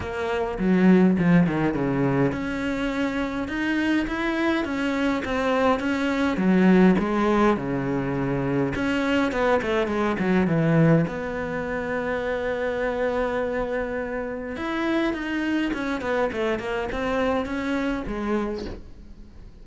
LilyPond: \new Staff \with { instrumentName = "cello" } { \time 4/4 \tempo 4 = 103 ais4 fis4 f8 dis8 cis4 | cis'2 dis'4 e'4 | cis'4 c'4 cis'4 fis4 | gis4 cis2 cis'4 |
b8 a8 gis8 fis8 e4 b4~ | b1~ | b4 e'4 dis'4 cis'8 b8 | a8 ais8 c'4 cis'4 gis4 | }